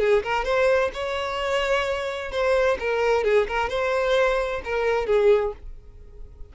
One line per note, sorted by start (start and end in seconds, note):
0.00 0.23 G#4
0.23 0.45 A#4
0.45 0.91 C5
0.94 2.32 C#5
2.32 2.78 C5
2.80 3.25 A#4
3.25 3.48 G#4
3.48 3.70 A#4
3.70 4.62 C5
4.65 5.07 A#4
5.07 5.53 G#4